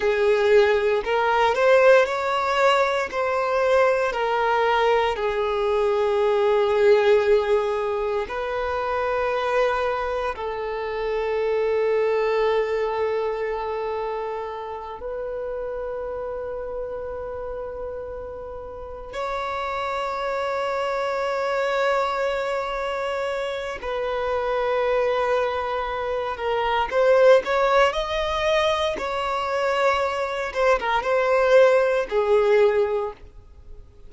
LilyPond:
\new Staff \with { instrumentName = "violin" } { \time 4/4 \tempo 4 = 58 gis'4 ais'8 c''8 cis''4 c''4 | ais'4 gis'2. | b'2 a'2~ | a'2~ a'8 b'4.~ |
b'2~ b'8 cis''4.~ | cis''2. b'4~ | b'4. ais'8 c''8 cis''8 dis''4 | cis''4. c''16 ais'16 c''4 gis'4 | }